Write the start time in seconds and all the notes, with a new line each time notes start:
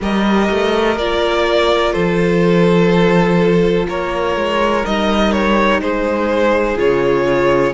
0.00 G3 G4 A#4 D#5
0.50 A3
0.97 A#3 F4 D5
1.93 F3 A4 C5
3.88 A#3 A#4 C#5
4.36 G#3
4.84 G3 D#4 D#5
5.32 C#5
5.80 G#3 G#4 C5
6.76 C#3 F4 C#5